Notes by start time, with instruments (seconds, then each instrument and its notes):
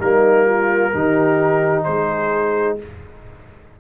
0.00 tuba G3, trombone A#3, horn D#4, trumpet A#4
0.46 horn F4
0.93 tuba D#3, trombone D#4, horn G4
1.84 tuba G#3, horn G#4, trumpet C5